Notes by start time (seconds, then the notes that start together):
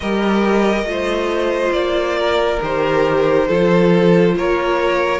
0.00 G3 G4 A#4 D#5
0.84 A3 F4
0.90 C5
1.72 A#3 D5
2.19 A#4
2.61 D#3 G4 C5
3.47 F3 F4 A4
4.36 A#3 A#4 C#5